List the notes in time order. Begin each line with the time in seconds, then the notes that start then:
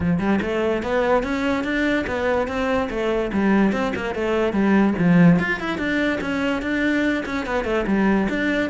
0.00 F3
0.19 G3
0.41 A3
0.83 B3
1.23 C#4
1.63 D4
2.06 B3
2.47 C4
2.89 A3
3.33 G3
3.72 C4
3.95 A#3
4.14 A3
4.52 G3
4.98 F3
5.39 F4
5.60 E4
5.77 D4
6.20 C#4
6.62 D4
7.25 C#4
7.46 B3
7.64 A3
7.86 G3
8.29 D4